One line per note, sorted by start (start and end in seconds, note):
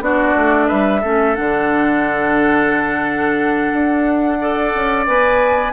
0.00 0.34 B3
0.00 1.02 D4
0.00 0.67 F#4
0.00 0.68 D5
0.36 0.70 A3
0.67 1.03 G3
0.67 1.00 B4
0.67 1.35 E5
1.00 1.37 A3
1.00 1.36 C#4
1.00 4.37 A4
1.35 3.72 D3
1.35 4.39 D4
1.35 5.06 F#5
3.72 4.73 D4
4.40 5.07 A4
4.40 5.72 D5
4.75 5.07 C#4
5.06 5.72 B3
5.06 5.72 B4
5.06 5.72 G#5